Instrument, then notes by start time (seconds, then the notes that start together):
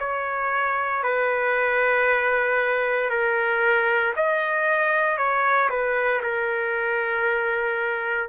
trumpet
0.00 C#5
1.03 B4
3.10 A#4
4.16 D#5
5.18 C#5
5.70 B4
6.23 A#4